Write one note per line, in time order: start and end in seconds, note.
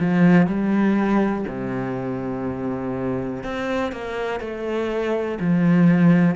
0.00 0.47 F3
0.47 1.45 G3
1.48 3.43 C3
3.43 3.92 C4
3.92 4.40 A#3
4.40 5.38 A3
5.40 6.36 F3